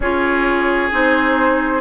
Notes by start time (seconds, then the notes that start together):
0.00 C#4 F4 G#4 C#5
0.91 C4 D#4 C5